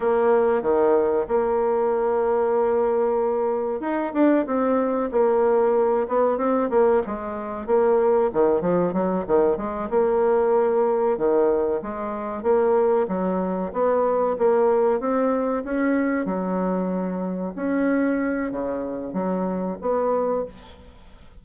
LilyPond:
\new Staff \with { instrumentName = "bassoon" } { \time 4/4 \tempo 4 = 94 ais4 dis4 ais2~ | ais2 dis'8 d'8 c'4 | ais4. b8 c'8 ais8 gis4 | ais4 dis8 f8 fis8 dis8 gis8 ais8~ |
ais4. dis4 gis4 ais8~ | ais8 fis4 b4 ais4 c'8~ | c'8 cis'4 fis2 cis'8~ | cis'4 cis4 fis4 b4 | }